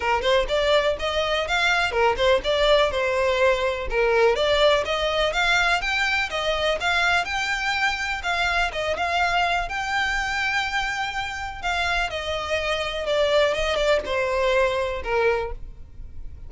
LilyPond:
\new Staff \with { instrumentName = "violin" } { \time 4/4 \tempo 4 = 124 ais'8 c''8 d''4 dis''4 f''4 | ais'8 c''8 d''4 c''2 | ais'4 d''4 dis''4 f''4 | g''4 dis''4 f''4 g''4~ |
g''4 f''4 dis''8 f''4. | g''1 | f''4 dis''2 d''4 | dis''8 d''8 c''2 ais'4 | }